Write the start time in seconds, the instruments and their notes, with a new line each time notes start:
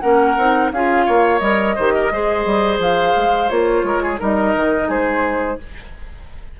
0.00 bassoon A#3, clarinet C#4, oboe A#4, flute F#5
0.37 bassoon C4, clarinet D#4
0.72 bassoon C#4, clarinet F4, oboe G#4, flute F5
1.06 bassoon A#3, oboe C#5
1.39 bassoon G3, clarinet A#4, flute D#5
1.75 bassoon D#3, clarinet G4, oboe C5
1.94 oboe A#4
2.11 bassoon G#3, clarinet G#4, oboe C5
2.45 bassoon G3
2.78 bassoon F3, flute F5
3.16 bassoon G#3
3.49 bassoon A#3, clarinet F4, flute C#5
3.83 bassoon G#3, oboe A#4
4.02 oboe G#4
4.18 bassoon G3, clarinet D#4, oboe A#4, flute D#5
4.55 bassoon D#3
4.88 bassoon G#3, oboe G#4, flute C5